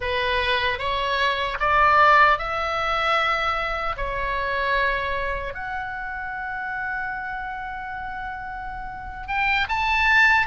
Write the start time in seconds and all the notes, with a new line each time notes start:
0.00 B4
0.79 C#5
1.59 D5
2.38 E5
3.96 C#5
5.53 F#5
9.27 G5
9.68 A5